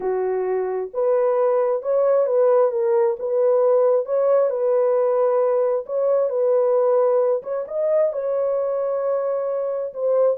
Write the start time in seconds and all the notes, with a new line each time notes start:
0.00 F#4
0.93 B4
1.82 C#5
2.26 B4
2.71 A#4
3.19 B4
4.05 C#5
4.49 B4
5.85 C#5
6.29 B4
7.42 C#5
7.67 D#5
8.12 C#5
9.93 C5